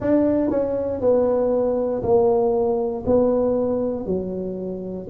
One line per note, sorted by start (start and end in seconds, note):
0.00 0.49 D4
0.49 1.00 C#4
1.00 2.02 B3
2.02 3.04 A#3
3.06 4.05 B3
4.05 5.07 F#3